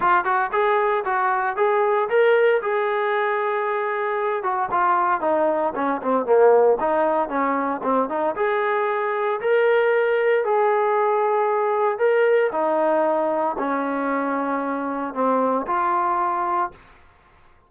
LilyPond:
\new Staff \with { instrumentName = "trombone" } { \time 4/4 \tempo 4 = 115 f'8 fis'8 gis'4 fis'4 gis'4 | ais'4 gis'2.~ | gis'8 fis'8 f'4 dis'4 cis'8 c'8 | ais4 dis'4 cis'4 c'8 dis'8 |
gis'2 ais'2 | gis'2. ais'4 | dis'2 cis'2~ | cis'4 c'4 f'2 | }